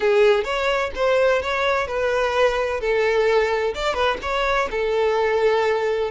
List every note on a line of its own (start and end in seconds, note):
0.00 0.43 G#4
0.43 0.90 C#5
0.95 1.42 C5
1.42 1.87 C#5
1.87 2.80 B4
2.80 3.74 A4
3.74 3.94 D5
3.94 4.17 B4
4.22 4.69 C#5
4.70 6.10 A4